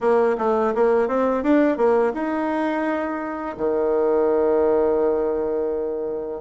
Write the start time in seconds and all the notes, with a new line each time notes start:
0.00 A#3
0.38 A3
0.74 A#3
1.08 C4
1.43 D4
1.77 A#3
2.13 D#4
3.57 D#3